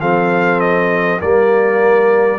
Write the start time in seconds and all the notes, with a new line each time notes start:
0.00 F3 C4 A4 F5
0.60 D#5
1.20 G3 A#3 A#4 D5